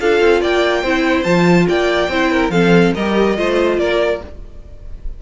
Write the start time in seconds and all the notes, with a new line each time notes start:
0.00 D4 F4 A4 F5
0.20 C4
0.41 A#3 D5 G5
0.82 C4 E4 C5
1.23 F3 F4 A5
1.68 A#3 D5 G5
2.08 C4 E4 C5
2.31 A#4
2.49 F3 C4 A4 F5
2.94 G3 G4 A#4 D#5
3.36 A3 F4 C5
3.78 A#3 A#4 D5